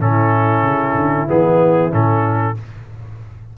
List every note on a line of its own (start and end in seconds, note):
0.00 0.63 A2
0.00 1.28 C#4
0.00 2.55 E4
0.00 1.29 A4
0.63 0.95 C#3
0.95 1.27 D3
1.28 1.93 E3
1.28 1.91 B3
1.28 1.93 G#4
1.91 2.57 A2
1.91 2.55 C#4
1.91 2.58 A4